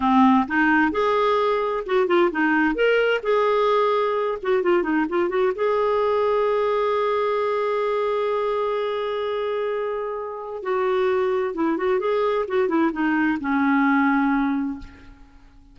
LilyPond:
\new Staff \with { instrumentName = "clarinet" } { \time 4/4 \tempo 4 = 130 c'4 dis'4 gis'2 | fis'8 f'8 dis'4 ais'4 gis'4~ | gis'4. fis'8 f'8 dis'8 f'8 fis'8 | gis'1~ |
gis'1~ | gis'2. fis'4~ | fis'4 e'8 fis'8 gis'4 fis'8 e'8 | dis'4 cis'2. | }